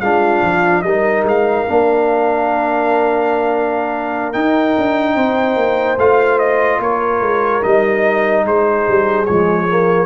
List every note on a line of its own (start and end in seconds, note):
0.00 0.42 G#3
0.00 0.85 D4
0.00 0.84 F4
0.00 0.82 F5
0.42 0.83 F3
0.82 1.23 G3
0.82 1.67 D#4
0.82 5.15 A#4
0.82 1.23 D#5
1.23 1.64 G#3
1.23 4.33 F5
1.67 4.35 A#3
1.67 4.33 D4
4.33 5.98 D#4
4.33 4.76 D#4
4.33 5.97 G5
4.77 5.15 D4
5.15 5.56 C4
5.15 6.80 C5
5.56 5.97 A#3
5.97 6.79 A3
5.97 7.62 F4
5.97 6.39 F5
6.39 6.80 D#5
6.79 7.21 A#3
6.79 8.45 A#4
6.79 7.63 C#5
7.21 7.62 G#3
7.62 8.45 G3
7.62 9.26 D#4
7.62 8.45 D#5
8.45 8.86 G#3
8.45 10.06 G#4
8.45 9.25 C5
8.88 9.29 G3
9.25 10.06 F3
9.25 9.68 G#3
9.25 10.06 C#5
9.68 10.06 A#3